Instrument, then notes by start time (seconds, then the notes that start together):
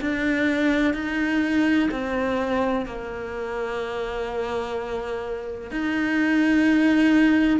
cello
0.00 D4
0.93 D#4
1.90 C4
2.86 A#3
5.71 D#4